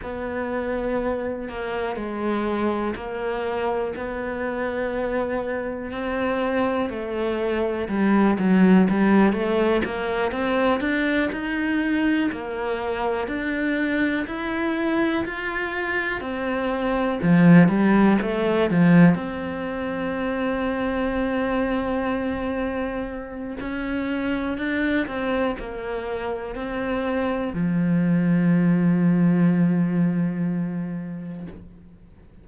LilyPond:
\new Staff \with { instrumentName = "cello" } { \time 4/4 \tempo 4 = 61 b4. ais8 gis4 ais4 | b2 c'4 a4 | g8 fis8 g8 a8 ais8 c'8 d'8 dis'8~ | dis'8 ais4 d'4 e'4 f'8~ |
f'8 c'4 f8 g8 a8 f8 c'8~ | c'1 | cis'4 d'8 c'8 ais4 c'4 | f1 | }